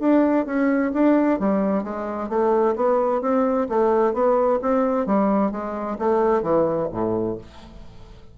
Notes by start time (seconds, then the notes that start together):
0.00 D4
0.46 C#4
0.94 D4
1.40 G3
1.84 G#3
2.29 A3
2.76 B3
3.22 C4
3.69 A3
4.14 B3
4.62 C4
5.06 G3
5.52 G#3
5.99 A3
6.43 E3
6.92 A2